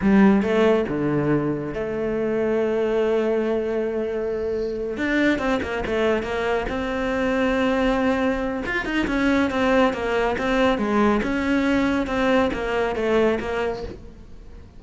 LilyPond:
\new Staff \with { instrumentName = "cello" } { \time 4/4 \tempo 4 = 139 g4 a4 d2 | a1~ | a2.~ a8 d'8~ | d'8 c'8 ais8 a4 ais4 c'8~ |
c'1 | f'8 dis'8 cis'4 c'4 ais4 | c'4 gis4 cis'2 | c'4 ais4 a4 ais4 | }